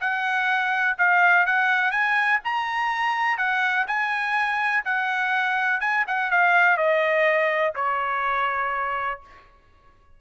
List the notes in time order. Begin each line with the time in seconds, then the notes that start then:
0.00 F#5
0.98 F5
1.46 F#5
1.91 G#5
2.44 A#5
3.37 F#5
3.87 G#5
4.84 F#5
5.80 G#5
6.07 F#5
6.31 F5
6.77 D#5
7.75 C#5